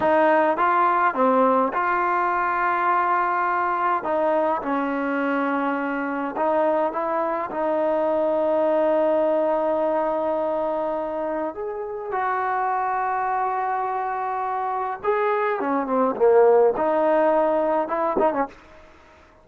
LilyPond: \new Staff \with { instrumentName = "trombone" } { \time 4/4 \tempo 4 = 104 dis'4 f'4 c'4 f'4~ | f'2. dis'4 | cis'2. dis'4 | e'4 dis'2.~ |
dis'1 | gis'4 fis'2.~ | fis'2 gis'4 cis'8 c'8 | ais4 dis'2 e'8 dis'16 cis'16 | }